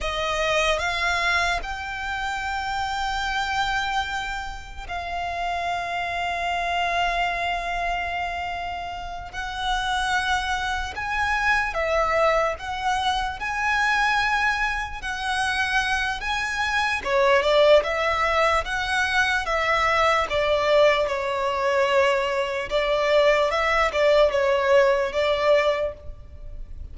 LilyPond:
\new Staff \with { instrumentName = "violin" } { \time 4/4 \tempo 4 = 74 dis''4 f''4 g''2~ | g''2 f''2~ | f''2.~ f''8 fis''8~ | fis''4. gis''4 e''4 fis''8~ |
fis''8 gis''2 fis''4. | gis''4 cis''8 d''8 e''4 fis''4 | e''4 d''4 cis''2 | d''4 e''8 d''8 cis''4 d''4 | }